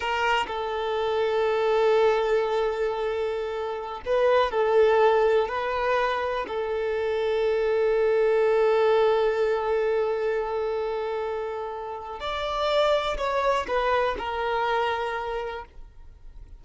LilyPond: \new Staff \with { instrumentName = "violin" } { \time 4/4 \tempo 4 = 123 ais'4 a'2.~ | a'1~ | a'16 b'4 a'2 b'8.~ | b'4~ b'16 a'2~ a'8.~ |
a'1~ | a'1~ | a'4 d''2 cis''4 | b'4 ais'2. | }